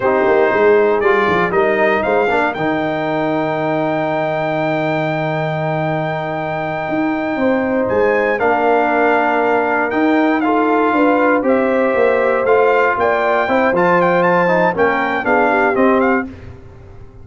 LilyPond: <<
  \new Staff \with { instrumentName = "trumpet" } { \time 4/4 \tempo 4 = 118 c''2 d''4 dis''4 | f''4 g''2.~ | g''1~ | g''2.~ g''8 gis''8~ |
gis''8 f''2. g''8~ | g''8 f''2 e''4.~ | e''8 f''4 g''4. a''8 g''8 | a''4 g''4 f''4 dis''8 f''8 | }
  \new Staff \with { instrumentName = "horn" } { \time 4/4 g'4 gis'2 ais'4 | c''8 ais'2.~ ais'8~ | ais'1~ | ais'2~ ais'8 c''4.~ |
c''8 ais'2.~ ais'8~ | ais'8 a'4 b'4 c''4.~ | c''4. d''4 c''4.~ | c''4 ais'4 gis'8 g'4. | }
  \new Staff \with { instrumentName = "trombone" } { \time 4/4 dis'2 f'4 dis'4~ | dis'8 d'8 dis'2.~ | dis'1~ | dis'1~ |
dis'8 d'2. dis'8~ | dis'8 f'2 g'4.~ | g'8 f'2 e'8 f'4~ | f'8 dis'8 cis'4 d'4 c'4 | }
  \new Staff \with { instrumentName = "tuba" } { \time 4/4 c'8 ais8 gis4 g8 f8 g4 | gis8 ais8 dis2.~ | dis1~ | dis4. dis'4 c'4 gis8~ |
gis8 ais2. dis'8~ | dis'4. d'4 c'4 ais8~ | ais8 a4 ais4 c'8 f4~ | f4 ais4 b4 c'4 | }
>>